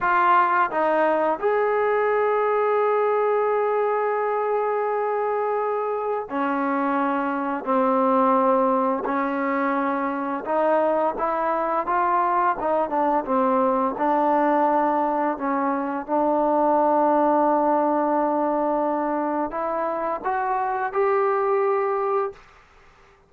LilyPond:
\new Staff \with { instrumentName = "trombone" } { \time 4/4 \tempo 4 = 86 f'4 dis'4 gis'2~ | gis'1~ | gis'4 cis'2 c'4~ | c'4 cis'2 dis'4 |
e'4 f'4 dis'8 d'8 c'4 | d'2 cis'4 d'4~ | d'1 | e'4 fis'4 g'2 | }